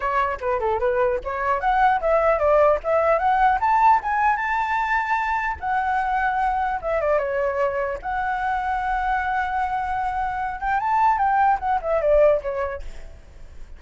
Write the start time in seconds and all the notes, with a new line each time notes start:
0.00 C#5
0.40 B4
0.60 A4
0.79 B4
1.24 C#5
1.60 F#5
2.00 E5
2.39 D5
2.83 E5
3.19 F#5
3.60 A5
4.02 G#5
4.36 A5
5.60 F#5
6.81 E5
7.01 D5
7.18 C#5
8.02 F#5
10.60 G5
10.79 A5
11.17 G5
11.59 F#5
11.81 E5
12.01 D5
12.41 C#5